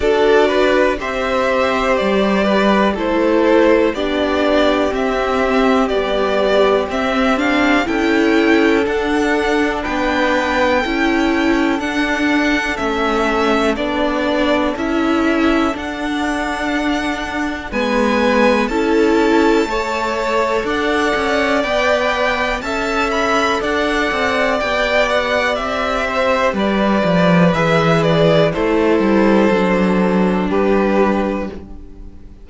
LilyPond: <<
  \new Staff \with { instrumentName = "violin" } { \time 4/4 \tempo 4 = 61 d''4 e''4 d''4 c''4 | d''4 e''4 d''4 e''8 f''8 | g''4 fis''4 g''2 | fis''4 e''4 d''4 e''4 |
fis''2 gis''4 a''4~ | a''4 fis''4 g''4 a''8 b''8 | fis''4 g''8 fis''8 e''4 d''4 | e''8 d''8 c''2 b'4 | }
  \new Staff \with { instrumentName = "violin" } { \time 4/4 a'8 b'8 c''4. b'8 a'4 | g'1 | a'2 b'4 a'4~ | a'1~ |
a'2 b'4 a'4 | cis''4 d''2 e''4 | d''2~ d''8 c''8 b'4~ | b'4 a'2 g'4 | }
  \new Staff \with { instrumentName = "viola" } { \time 4/4 fis'4 g'2 e'4 | d'4 c'4 g4 c'8 d'8 | e'4 d'2 e'4 | d'4 cis'4 d'4 e'4 |
d'2 b4 e'4 | a'2 b'4 a'4~ | a'4 g'2. | gis'4 e'4 d'2 | }
  \new Staff \with { instrumentName = "cello" } { \time 4/4 d'4 c'4 g4 a4 | b4 c'4 b4 c'4 | cis'4 d'4 b4 cis'4 | d'4 a4 b4 cis'4 |
d'2 gis4 cis'4 | a4 d'8 cis'8 b4 cis'4 | d'8 c'8 b4 c'4 g8 f8 | e4 a8 g8 fis4 g4 | }
>>